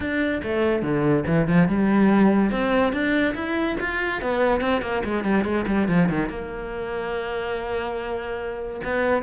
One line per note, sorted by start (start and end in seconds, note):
0.00 0.41 D4
0.43 0.82 A3
0.82 1.24 D3
1.26 1.47 E3
1.47 1.68 F3
1.68 2.51 G3
2.51 2.92 C4
2.92 3.34 D4
3.35 3.76 E4
3.80 4.21 F4
4.21 4.60 B3
4.60 4.81 C4
4.81 5.02 A#3
5.04 5.24 G#3
5.24 5.44 G3
5.44 5.65 G#3
5.67 5.87 G3
5.87 6.08 F3
6.09 6.29 D#3
6.29 8.81 A#3
8.83 9.23 B3